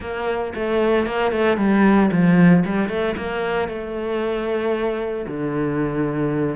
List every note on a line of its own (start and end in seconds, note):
0.00 0.53 A#3
0.54 1.06 A3
1.06 1.31 A#3
1.31 1.57 A3
1.57 2.09 G3
2.11 2.64 F3
2.65 2.89 G3
2.89 3.15 A3
3.17 3.68 A#3
3.68 5.26 A3
5.27 6.56 D3